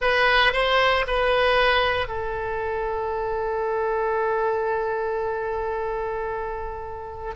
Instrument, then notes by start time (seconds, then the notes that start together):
oboe
0.01 B4
0.52 C5
1.07 B4
2.07 A4